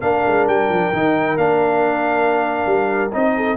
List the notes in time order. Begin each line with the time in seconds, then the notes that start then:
0.00 A#3 D4 A#4 F5
0.27 G#3
0.47 G3 G5
0.69 F3
0.93 D#3 D#4
1.37 A#3 D4 F5
2.66 G3
3.12 C4 D#4 D#5
3.35 A4